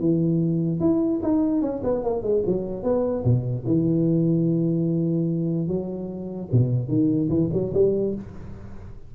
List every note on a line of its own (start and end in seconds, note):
0.00 0.80 E3
0.80 1.21 E4
1.23 1.62 D#4
1.62 1.82 C#4
1.84 2.04 B3
2.04 2.23 A#3
2.23 2.43 G#3
2.47 2.83 F#3
2.83 3.24 B3
3.25 3.65 B2
3.67 5.68 E3
5.68 6.49 F#3
6.52 6.88 B2
6.88 7.29 D#3
7.30 7.50 E3
7.53 7.73 F#3
7.74 8.15 G3